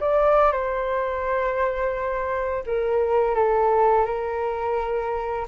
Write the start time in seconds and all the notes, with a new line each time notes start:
0.00 D5
0.52 C5
2.66 A#4
3.35 A4
4.05 A#4